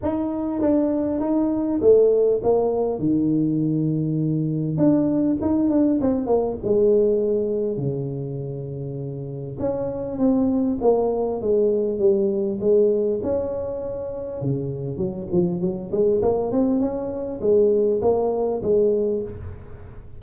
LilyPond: \new Staff \with { instrumentName = "tuba" } { \time 4/4 \tempo 4 = 100 dis'4 d'4 dis'4 a4 | ais4 dis2. | d'4 dis'8 d'8 c'8 ais8 gis4~ | gis4 cis2. |
cis'4 c'4 ais4 gis4 | g4 gis4 cis'2 | cis4 fis8 f8 fis8 gis8 ais8 c'8 | cis'4 gis4 ais4 gis4 | }